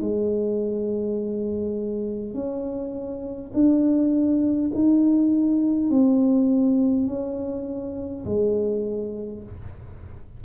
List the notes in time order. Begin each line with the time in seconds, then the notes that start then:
0.00 G#3
2.34 C#4
3.53 D4
4.74 D#4
5.90 C4
7.07 C#4
8.25 G#3